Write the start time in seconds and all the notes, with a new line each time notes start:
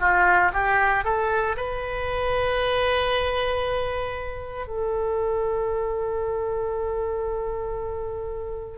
0.00 F4
0.53 G4
1.04 A4
1.57 B4
4.67 A4